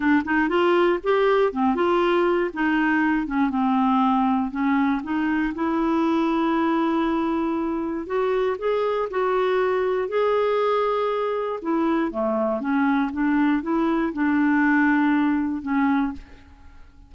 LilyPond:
\new Staff \with { instrumentName = "clarinet" } { \time 4/4 \tempo 4 = 119 d'8 dis'8 f'4 g'4 c'8 f'8~ | f'4 dis'4. cis'8 c'4~ | c'4 cis'4 dis'4 e'4~ | e'1 |
fis'4 gis'4 fis'2 | gis'2. e'4 | a4 cis'4 d'4 e'4 | d'2. cis'4 | }